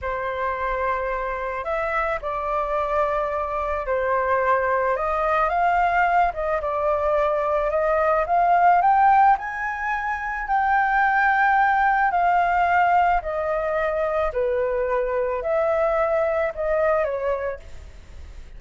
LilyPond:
\new Staff \with { instrumentName = "flute" } { \time 4/4 \tempo 4 = 109 c''2. e''4 | d''2. c''4~ | c''4 dis''4 f''4. dis''8 | d''2 dis''4 f''4 |
g''4 gis''2 g''4~ | g''2 f''2 | dis''2 b'2 | e''2 dis''4 cis''4 | }